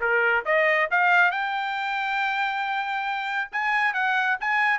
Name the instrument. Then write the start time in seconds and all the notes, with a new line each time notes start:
trumpet
0.00 A#4
0.45 D#5
0.91 F5
1.31 G5
3.52 G#5
3.93 F#5
4.40 G#5